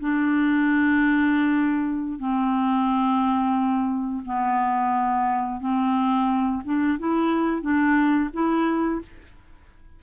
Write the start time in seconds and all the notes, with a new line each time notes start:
0.00 D4
2.19 C4
4.26 B3
5.61 C4
6.65 D4
6.99 E4
7.62 D4
8.33 E4